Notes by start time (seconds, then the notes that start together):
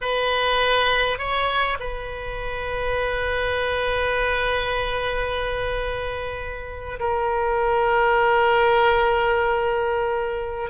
0.01 B4
1.18 C#5
1.79 B4
6.99 A#4